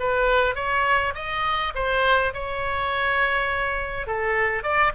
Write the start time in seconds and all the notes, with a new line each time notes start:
0.00 B4
0.56 C#5
1.15 D#5
1.75 C5
2.34 C#5
4.08 A4
4.63 D5